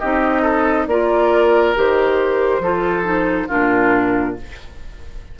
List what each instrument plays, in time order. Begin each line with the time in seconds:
0.00 bassoon C4, clarinet D#4, oboe G4, flute D#5
0.42 oboe A4
0.87 bassoon A#3, clarinet F4, oboe A#4, flute D5
1.76 bassoon D#3, clarinet G4, flute C5
2.60 bassoon F3, clarinet F4, oboe A4
3.04 clarinet D#4
3.48 bassoon A#2, clarinet D4, oboe F4, flute A#4